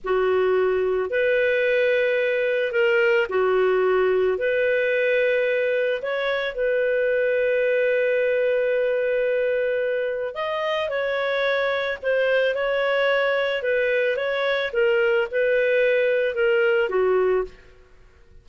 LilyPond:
\new Staff \with { instrumentName = "clarinet" } { \time 4/4 \tempo 4 = 110 fis'2 b'2~ | b'4 ais'4 fis'2 | b'2. cis''4 | b'1~ |
b'2. dis''4 | cis''2 c''4 cis''4~ | cis''4 b'4 cis''4 ais'4 | b'2 ais'4 fis'4 | }